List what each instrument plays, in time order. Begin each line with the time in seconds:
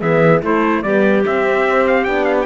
0.00 cello E3, horn B3, clarinet G#4, trumpet E5
0.42 cello A3, horn A3, clarinet E4, trumpet C5
0.82 cello G3, horn B3, clarinet G4, trumpet D5
1.24 horn C4, cello C4, trumpet E5
1.87 trumpet F5
2.04 cello B3, horn D4, trumpet G5
2.24 trumpet F5
2.41 trumpet G5